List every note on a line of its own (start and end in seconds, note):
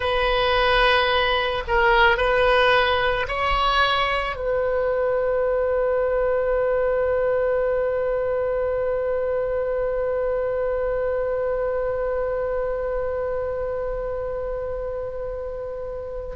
0.00 1.63 B4
1.67 2.17 A#4
2.17 3.26 B4
3.28 4.35 C#5
4.35 16.35 B4